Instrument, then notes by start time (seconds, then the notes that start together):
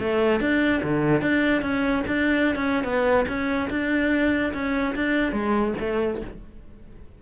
cello
0.00 A3
0.41 D4
0.84 D3
1.22 D4
1.62 C#4
2.08 D4
2.56 C#4
2.85 B3
3.28 C#4
3.71 D4
4.54 C#4
4.96 D4
5.33 G#3
5.81 A3